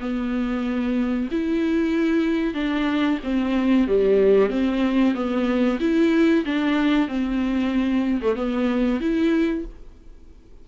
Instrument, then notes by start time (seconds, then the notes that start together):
viola
0.00 B3
1.31 E4
2.54 D4
3.24 C4
3.88 G3
4.50 C4
5.14 B3
5.80 E4
6.45 D4
7.08 C4
8.22 A3
8.36 B3
9.01 E4